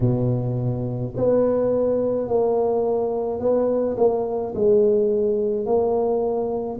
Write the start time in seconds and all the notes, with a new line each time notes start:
0.00 B2
1.16 B3
2.27 A#3
3.40 B3
3.97 A#3
4.54 G#3
5.66 A#3